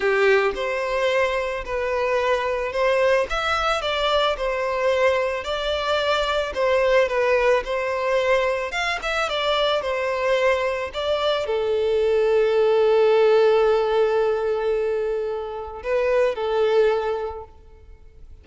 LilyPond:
\new Staff \with { instrumentName = "violin" } { \time 4/4 \tempo 4 = 110 g'4 c''2 b'4~ | b'4 c''4 e''4 d''4 | c''2 d''2 | c''4 b'4 c''2 |
f''8 e''8 d''4 c''2 | d''4 a'2.~ | a'1~ | a'4 b'4 a'2 | }